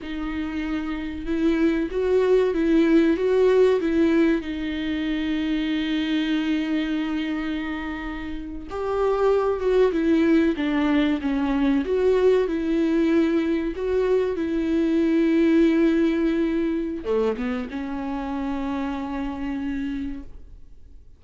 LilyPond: \new Staff \with { instrumentName = "viola" } { \time 4/4 \tempo 4 = 95 dis'2 e'4 fis'4 | e'4 fis'4 e'4 dis'4~ | dis'1~ | dis'4.~ dis'16 g'4. fis'8 e'16~ |
e'8. d'4 cis'4 fis'4 e'16~ | e'4.~ e'16 fis'4 e'4~ e'16~ | e'2. a8 b8 | cis'1 | }